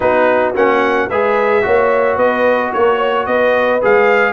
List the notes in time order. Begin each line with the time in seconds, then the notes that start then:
0.00 B3 D#4 F#4 B4
0.54 A#3 C#4 F#5
1.08 G#3 G#4 B4 E5
1.62 A#3 F#4 C#5
2.16 B3 B4 D#5
2.72 A#3 A#4 C#5
2.97 C#5
3.26 B3 B4 D#5
3.81 G#3 G#4 F5